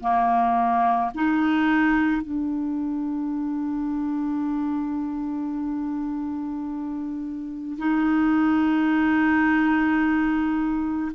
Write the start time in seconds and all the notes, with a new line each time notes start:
0.00 A#3
1.14 D#4
2.22 D4
7.78 D#4